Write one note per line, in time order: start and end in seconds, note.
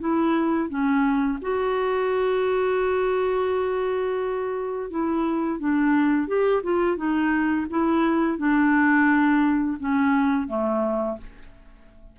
0.00 0.69 E4
0.69 1.39 C#4
1.42 4.90 F#4
4.90 5.59 E4
5.59 6.28 D4
6.28 6.62 G4
6.63 6.97 F4
6.97 7.66 D#4
7.70 8.38 E4
8.38 9.78 D4
9.80 10.48 C#4
10.48 11.18 A3